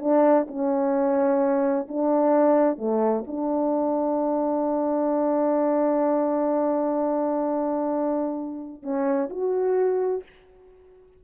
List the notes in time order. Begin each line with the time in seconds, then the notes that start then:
0.00 D4
0.48 C#4
1.88 D4
2.78 A3
3.27 D4
8.83 C#4
9.30 F#4